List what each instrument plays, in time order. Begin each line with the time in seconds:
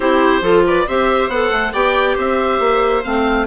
0.00 bassoon C4, clarinet E4, viola G4, oboe C5
0.41 bassoon F3, clarinet F4, viola A4
0.66 viola B4, oboe D5
0.87 bassoon C4, clarinet G4, viola C5, oboe E5
1.28 bassoon B3, clarinet A4, oboe F#5
1.51 bassoon A3
1.73 bassoon B3, clarinet G4, viola D5, oboe G5
2.15 bassoon C4, viola C5, oboe E5
2.59 bassoon A#3
3.03 bassoon A3, clarinet C4, oboe F5